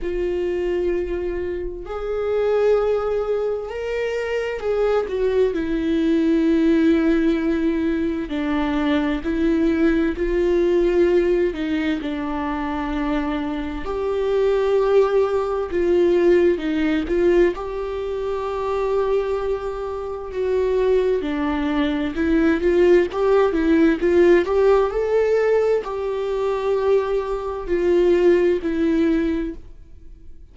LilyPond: \new Staff \with { instrumentName = "viola" } { \time 4/4 \tempo 4 = 65 f'2 gis'2 | ais'4 gis'8 fis'8 e'2~ | e'4 d'4 e'4 f'4~ | f'8 dis'8 d'2 g'4~ |
g'4 f'4 dis'8 f'8 g'4~ | g'2 fis'4 d'4 | e'8 f'8 g'8 e'8 f'8 g'8 a'4 | g'2 f'4 e'4 | }